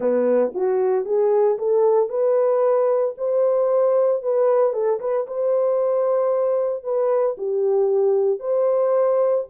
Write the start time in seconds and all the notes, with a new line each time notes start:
0.00 B3
0.54 F#4
1.05 G#4
1.58 A4
2.09 B4
3.17 C5
4.22 B4
4.73 A4
5.00 B4
5.27 C5
6.83 B4
7.37 G4
8.39 C5